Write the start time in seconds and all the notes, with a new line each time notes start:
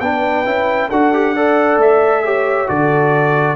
0.00 B3 D4 B4 G5
0.45 C#4 E4
0.89 D4 F#4 A4 F#5
1.13 G4
1.34 A4 D5
1.77 A3 E5
2.24 G4 C#5
2.67 D3 F#4 A4 D5